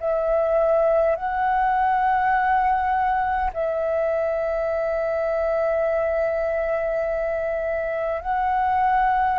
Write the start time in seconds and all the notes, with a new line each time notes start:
0.00 E5
1.16 F#5
3.53 E5
8.22 F#5